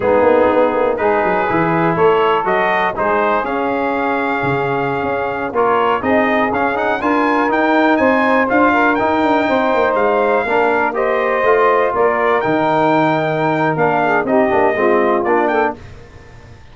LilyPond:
<<
  \new Staff \with { instrumentName = "trumpet" } { \time 4/4 \tempo 4 = 122 gis'2 b'2 | cis''4 dis''4 c''4 f''4~ | f''2.~ f''16 cis''8.~ | cis''16 dis''4 f''8 fis''8 gis''4 g''8.~ |
g''16 gis''4 f''4 g''4.~ g''16~ | g''16 f''2 dis''4.~ dis''16~ | dis''16 d''4 g''2~ g''8. | f''4 dis''2 d''8 g''8 | }
  \new Staff \with { instrumentName = "saxophone" } { \time 4/4 dis'2 gis'2 | a'2 gis'2~ | gis'2.~ gis'16 ais'8.~ | ais'16 gis'2 ais'4.~ ais'16~ |
ais'16 c''4. ais'4. c''8.~ | c''4~ c''16 ais'4 c''4.~ c''16~ | c''16 ais'2.~ ais'8.~ | ais'8 gis'8 g'4 f'4. a'8 | }
  \new Staff \with { instrumentName = "trombone" } { \time 4/4 b2 dis'4 e'4~ | e'4 fis'4 dis'4 cis'4~ | cis'2.~ cis'16 f'8.~ | f'16 dis'4 cis'8 dis'8 f'4 dis'8.~ |
dis'4~ dis'16 f'4 dis'4.~ dis'16~ | dis'4~ dis'16 d'4 g'4 f'8.~ | f'4~ f'16 dis'2~ dis'8. | d'4 dis'8 d'8 c'4 d'4 | }
  \new Staff \with { instrumentName = "tuba" } { \time 4/4 gis8 ais8 b8 ais8 gis8 fis8 e4 | a4 fis4 gis4 cis'4~ | cis'4 cis4~ cis16 cis'4 ais8.~ | ais16 c'4 cis'4 d'4 dis'8.~ |
dis'16 c'4 d'4 dis'8 d'8 c'8 ais16~ | ais16 gis4 ais2 a8.~ | a16 ais4 dis2~ dis8. | ais4 c'8 ais8 gis4 ais4 | }
>>